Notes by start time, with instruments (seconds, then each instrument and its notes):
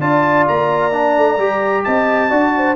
0.00 tuba D4, trombone F4, horn D5, trumpet A5
0.47 tuba A#3, trumpet A#5
0.92 trombone D4
1.17 tuba A3
1.37 tuba G3, trombone G4
1.84 tuba C4, horn D#5, trumpet A5
2.30 tuba D4, trombone F#4, horn D5
2.56 horn C5